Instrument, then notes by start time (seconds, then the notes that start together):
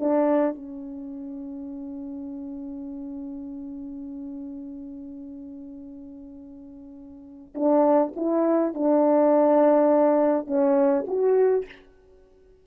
horn
0.00 D4
0.55 C#4
7.55 D4
8.16 E4
8.74 D4
10.47 C#4
11.08 F#4